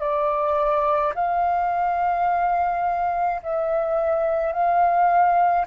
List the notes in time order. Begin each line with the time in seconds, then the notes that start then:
0.00 D5
1.15 F5
3.43 E5
4.52 F5